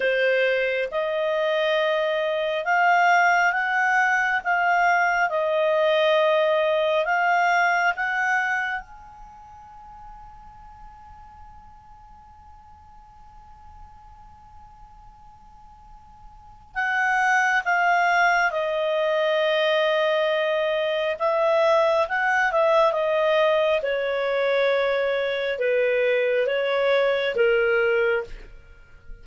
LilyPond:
\new Staff \with { instrumentName = "clarinet" } { \time 4/4 \tempo 4 = 68 c''4 dis''2 f''4 | fis''4 f''4 dis''2 | f''4 fis''4 gis''2~ | gis''1~ |
gis''2. fis''4 | f''4 dis''2. | e''4 fis''8 e''8 dis''4 cis''4~ | cis''4 b'4 cis''4 ais'4 | }